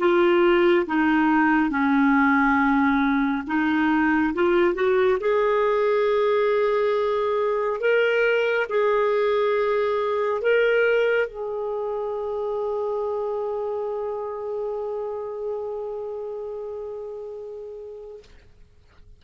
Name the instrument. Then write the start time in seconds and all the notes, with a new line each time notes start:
clarinet
0.00 F4
0.87 D#4
1.70 C#4
3.47 D#4
4.35 F4
4.75 F#4
5.21 G#4
7.81 A#4
8.70 G#4
10.42 A#4
11.28 G#4